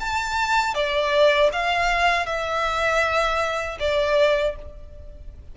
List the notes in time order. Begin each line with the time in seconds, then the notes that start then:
0.00 A5
0.75 D5
1.53 F5
2.26 E5
3.80 D5